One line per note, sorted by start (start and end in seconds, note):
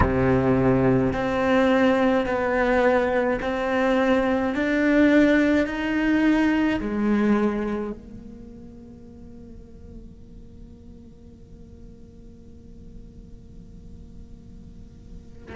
0.00 1.12 C3
1.13 2.26 C4
2.26 3.39 B3
3.41 4.54 C4
4.54 5.66 D4
5.66 6.79 D#4
6.80 7.91 G#3
7.91 15.56 A#3